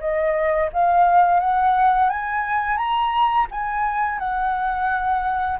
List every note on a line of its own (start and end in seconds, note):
0.00 0.70 D#5
0.73 1.40 F5
1.40 2.10 F#5
2.10 2.77 G#5
2.77 3.47 A#5
3.51 4.19 G#5
4.19 5.58 F#5